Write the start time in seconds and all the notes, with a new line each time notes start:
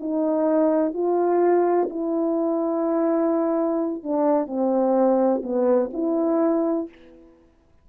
0.00 D#4
0.94 F4
1.90 E4
4.03 D4
4.47 C4
5.43 B3
5.93 E4